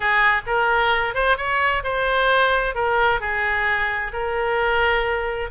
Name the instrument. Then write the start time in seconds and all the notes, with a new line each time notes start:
oboe
0.00 G#4
0.46 A#4
1.14 C5
1.37 C#5
1.83 C5
2.74 A#4
3.20 G#4
4.12 A#4